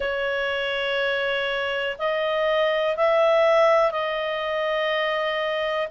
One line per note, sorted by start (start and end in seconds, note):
0.00 1.96 C#5
1.98 2.96 D#5
2.96 3.91 E5
3.91 5.87 D#5